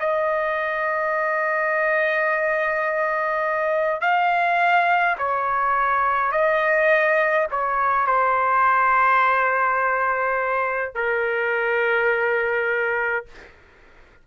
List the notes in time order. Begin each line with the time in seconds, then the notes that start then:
0.00 D#5
4.01 F5
5.18 C#5
6.32 D#5
7.51 C#5
8.07 C5
10.95 A#4